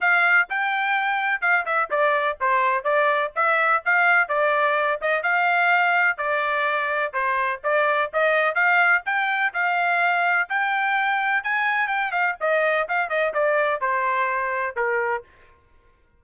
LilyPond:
\new Staff \with { instrumentName = "trumpet" } { \time 4/4 \tempo 4 = 126 f''4 g''2 f''8 e''8 | d''4 c''4 d''4 e''4 | f''4 d''4. dis''8 f''4~ | f''4 d''2 c''4 |
d''4 dis''4 f''4 g''4 | f''2 g''2 | gis''4 g''8 f''8 dis''4 f''8 dis''8 | d''4 c''2 ais'4 | }